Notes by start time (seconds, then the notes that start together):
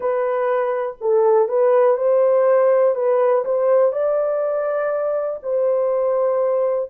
0.00 B4
1.01 A4
1.48 B4
1.97 C5
2.95 B4
3.44 C5
3.92 D5
5.42 C5